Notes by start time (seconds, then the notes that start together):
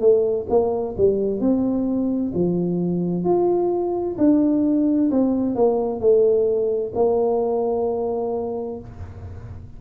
0.00 A3
0.49 A#3
0.97 G3
1.40 C4
2.34 F3
3.24 F4
4.17 D4
5.11 C4
5.55 A#3
6.00 A3
6.95 A#3